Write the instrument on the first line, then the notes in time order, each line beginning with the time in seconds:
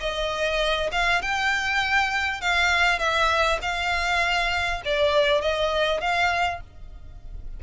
violin
0.00 D#5
0.92 F5
1.22 G5
2.41 F5
2.99 E5
3.62 F5
4.85 D5
5.41 D#5
6.00 F5